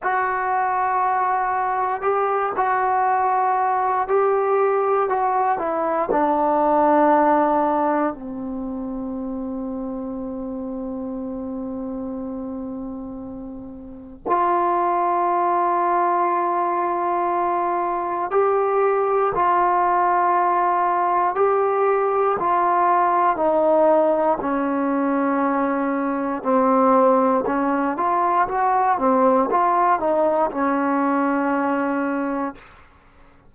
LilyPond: \new Staff \with { instrumentName = "trombone" } { \time 4/4 \tempo 4 = 59 fis'2 g'8 fis'4. | g'4 fis'8 e'8 d'2 | c'1~ | c'2 f'2~ |
f'2 g'4 f'4~ | f'4 g'4 f'4 dis'4 | cis'2 c'4 cis'8 f'8 | fis'8 c'8 f'8 dis'8 cis'2 | }